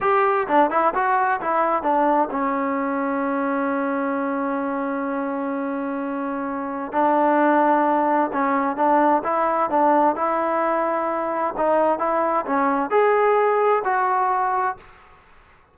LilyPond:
\new Staff \with { instrumentName = "trombone" } { \time 4/4 \tempo 4 = 130 g'4 d'8 e'8 fis'4 e'4 | d'4 cis'2.~ | cis'1~ | cis'2. d'4~ |
d'2 cis'4 d'4 | e'4 d'4 e'2~ | e'4 dis'4 e'4 cis'4 | gis'2 fis'2 | }